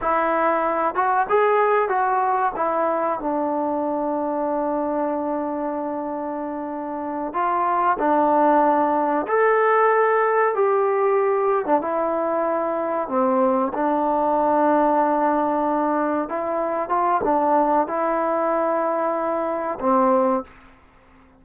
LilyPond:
\new Staff \with { instrumentName = "trombone" } { \time 4/4 \tempo 4 = 94 e'4. fis'8 gis'4 fis'4 | e'4 d'2.~ | d'2.~ d'8 f'8~ | f'8 d'2 a'4.~ |
a'8 g'4.~ g'16 d'16 e'4.~ | e'8 c'4 d'2~ d'8~ | d'4. e'4 f'8 d'4 | e'2. c'4 | }